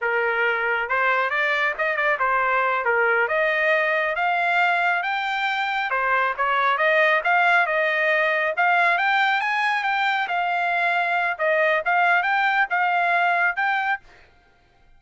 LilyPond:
\new Staff \with { instrumentName = "trumpet" } { \time 4/4 \tempo 4 = 137 ais'2 c''4 d''4 | dis''8 d''8 c''4. ais'4 dis''8~ | dis''4. f''2 g''8~ | g''4. c''4 cis''4 dis''8~ |
dis''8 f''4 dis''2 f''8~ | f''8 g''4 gis''4 g''4 f''8~ | f''2 dis''4 f''4 | g''4 f''2 g''4 | }